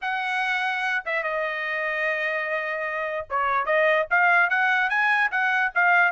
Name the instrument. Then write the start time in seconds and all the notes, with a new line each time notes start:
trumpet
0.01 F#5
1.05 E5
1.23 D#5
3.29 C#5
3.65 D#5
4.10 F5
4.49 F#5
4.89 G#5
5.31 F#5
5.74 F5